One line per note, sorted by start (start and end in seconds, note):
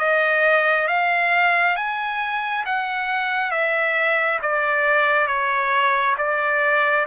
0.00 0.88 D#5
0.88 1.76 F5
1.76 2.65 G#5
2.66 3.51 F#5
3.51 4.40 E5
4.42 5.28 D5
5.28 6.16 C#5
6.18 7.06 D5